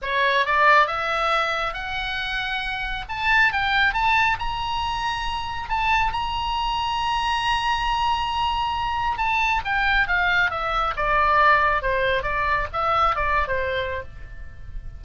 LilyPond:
\new Staff \with { instrumentName = "oboe" } { \time 4/4 \tempo 4 = 137 cis''4 d''4 e''2 | fis''2. a''4 | g''4 a''4 ais''2~ | ais''4 a''4 ais''2~ |
ais''1~ | ais''4 a''4 g''4 f''4 | e''4 d''2 c''4 | d''4 e''4 d''8. c''4~ c''16 | }